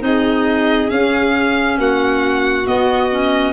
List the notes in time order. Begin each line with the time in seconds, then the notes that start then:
0.00 C4 D#4 G#4 D#5
0.88 C#4 F5
1.77 A#3 F#4 F#5
2.65 B3 D#5
3.10 C#4